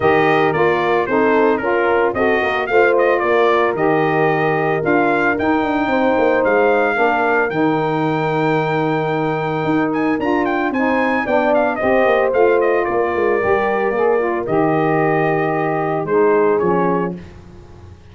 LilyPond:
<<
  \new Staff \with { instrumentName = "trumpet" } { \time 4/4 \tempo 4 = 112 dis''4 d''4 c''4 ais'4 | dis''4 f''8 dis''8 d''4 dis''4~ | dis''4 f''4 g''2 | f''2 g''2~ |
g''2~ g''8 gis''8 ais''8 g''8 | gis''4 g''8 f''8 dis''4 f''8 dis''8 | d''2. dis''4~ | dis''2 c''4 cis''4 | }
  \new Staff \with { instrumentName = "horn" } { \time 4/4 ais'2 a'4 ais'4 | a'8 ais'8 c''4 ais'2~ | ais'2. c''4~ | c''4 ais'2.~ |
ais'1 | c''4 d''4 c''2 | ais'1~ | ais'2 gis'2 | }
  \new Staff \with { instrumentName = "saxophone" } { \time 4/4 g'4 f'4 dis'4 f'4 | fis'4 f'2 g'4~ | g'4 f'4 dis'2~ | dis'4 d'4 dis'2~ |
dis'2. f'4 | dis'4 d'4 g'4 f'4~ | f'4 g'4 gis'8 f'8 g'4~ | g'2 dis'4 cis'4 | }
  \new Staff \with { instrumentName = "tuba" } { \time 4/4 dis4 ais4 c'4 cis'4 | c'8 ais8 a4 ais4 dis4~ | dis4 d'4 dis'8 d'8 c'8 ais8 | gis4 ais4 dis2~ |
dis2 dis'4 d'4 | c'4 b4 c'8 ais8 a4 | ais8 gis8 g4 ais4 dis4~ | dis2 gis4 f4 | }
>>